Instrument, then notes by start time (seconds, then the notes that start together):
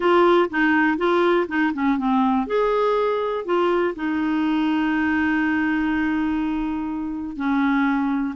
clarinet
0.00 F4
0.49 D#4
0.97 F4
1.48 D#4
1.73 C#4
1.98 C4
2.46 G#4
3.45 F4
3.95 D#4
7.36 C#4